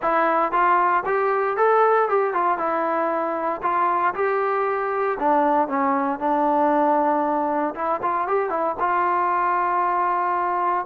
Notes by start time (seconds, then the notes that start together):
0.01 E4
0.51 F4
1.05 G4
1.57 A4
2.08 G4
2.33 F4
2.57 E4
3.62 F4
4.14 G4
5.19 D4
5.68 C#4
6.19 D4
7.74 E4
8.01 F4
8.27 G4
8.49 E4
8.79 F4